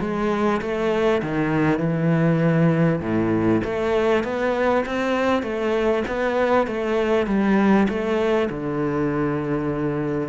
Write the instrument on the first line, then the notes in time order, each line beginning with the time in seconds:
cello
0.00 G#3
0.61 A3
1.22 D#3
1.79 E3
3.01 A2
3.64 A3
4.24 B3
4.85 C4
5.42 A3
6.07 B3
6.67 A3
7.26 G3
7.88 A3
8.50 D3